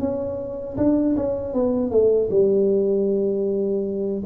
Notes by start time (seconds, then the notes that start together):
0.00 C#4
0.78 D4
1.17 C#4
1.54 B3
1.91 A3
2.31 G3